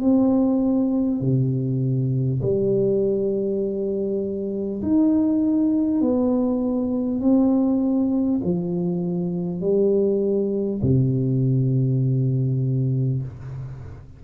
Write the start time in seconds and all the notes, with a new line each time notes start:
0.00 C4
1.20 C3
2.42 G3
4.82 D#4
6.01 B3
7.20 C4
8.43 F3
9.61 G3
10.82 C3